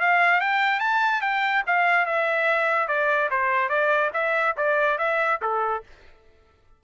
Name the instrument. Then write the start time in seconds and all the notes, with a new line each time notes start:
trumpet
0.00 F5
0.41 G5
0.80 A5
1.21 G5
1.67 F5
2.06 E5
2.88 D5
3.31 C5
3.69 D5
4.13 E5
4.57 D5
4.98 E5
5.42 A4